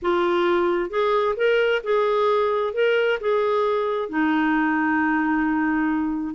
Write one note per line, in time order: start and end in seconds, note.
0.02 0.89 F4
0.89 1.35 G#4
1.36 1.82 A#4
1.83 2.73 G#4
2.73 3.19 A#4
3.20 4.09 G#4
4.09 6.34 D#4